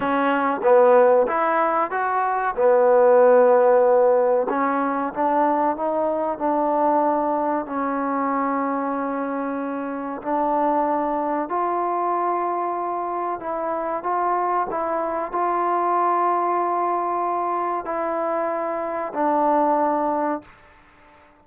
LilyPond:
\new Staff \with { instrumentName = "trombone" } { \time 4/4 \tempo 4 = 94 cis'4 b4 e'4 fis'4 | b2. cis'4 | d'4 dis'4 d'2 | cis'1 |
d'2 f'2~ | f'4 e'4 f'4 e'4 | f'1 | e'2 d'2 | }